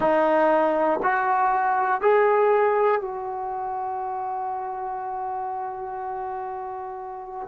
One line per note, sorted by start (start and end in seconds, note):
0.00 1.00 D#4
1.02 2.00 F#4
2.00 3.00 G#4
3.00 7.47 F#4